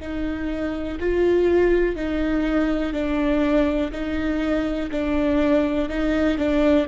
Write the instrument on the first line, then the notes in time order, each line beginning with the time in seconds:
viola
0.00 D#4
1.00 F4
1.96 D#4
2.93 D4
3.92 D#4
4.91 D4
5.89 D#4
6.38 D4